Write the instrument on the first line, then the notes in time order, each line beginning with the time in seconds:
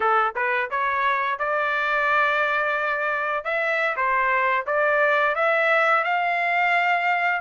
trumpet
0.00 A4
0.35 B4
0.70 C#5
1.39 D5
3.44 E5
3.96 C5
4.66 D5
5.35 E5
6.03 F5